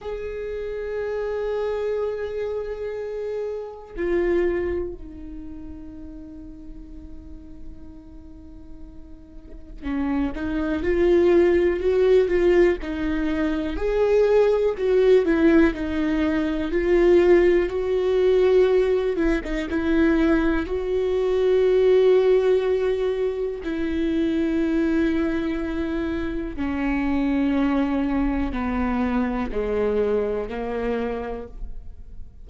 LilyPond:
\new Staff \with { instrumentName = "viola" } { \time 4/4 \tempo 4 = 61 gis'1 | f'4 dis'2.~ | dis'2 cis'8 dis'8 f'4 | fis'8 f'8 dis'4 gis'4 fis'8 e'8 |
dis'4 f'4 fis'4. e'16 dis'16 | e'4 fis'2. | e'2. cis'4~ | cis'4 b4 gis4 ais4 | }